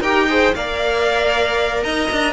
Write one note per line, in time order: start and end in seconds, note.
0.00 0.51 D#4
0.00 0.28 G4
0.00 0.26 A#4
0.00 0.54 G5
0.28 0.54 G#4
0.28 0.55 C5
0.54 1.83 A#3
0.54 2.32 A#4
0.54 1.83 D5
0.54 1.82 F5
1.83 2.09 D#4
1.83 2.32 D#5
1.83 2.32 A#5
2.11 2.32 D4